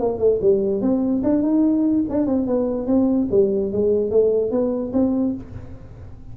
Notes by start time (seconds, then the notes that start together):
0.00 A#3
0.19 A3
0.41 G3
0.81 C4
1.23 D4
1.42 D#4
2.09 D4
2.26 C4
2.47 B3
2.87 C4
3.31 G3
3.72 G#3
4.11 A3
4.51 B3
4.93 C4